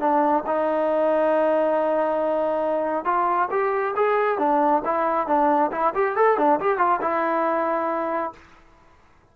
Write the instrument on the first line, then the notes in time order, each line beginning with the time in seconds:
trombone
0.00 D4
0.47 D#4
3.05 F4
3.51 G4
3.96 G#4
4.39 D4
4.85 E4
5.27 D4
5.72 E4
5.95 G4
6.16 A4
6.38 D4
6.60 G4
6.78 F4
7.02 E4